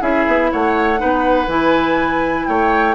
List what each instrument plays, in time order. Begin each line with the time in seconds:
0.00 bassoon C#4, clarinet E4, oboe G#4, flute E5
0.27 bassoon B3
0.52 bassoon A3, oboe C#5, flute F#5
0.97 bassoon B3, clarinet D#4, oboe B4
1.47 bassoon E3, clarinet E4, flute G#5
2.47 bassoon A3, oboe C#5, flute G5